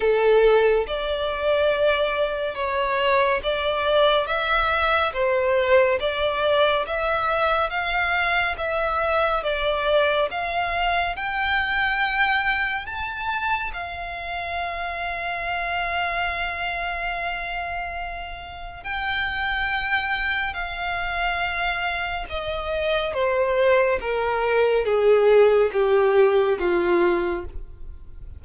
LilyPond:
\new Staff \with { instrumentName = "violin" } { \time 4/4 \tempo 4 = 70 a'4 d''2 cis''4 | d''4 e''4 c''4 d''4 | e''4 f''4 e''4 d''4 | f''4 g''2 a''4 |
f''1~ | f''2 g''2 | f''2 dis''4 c''4 | ais'4 gis'4 g'4 f'4 | }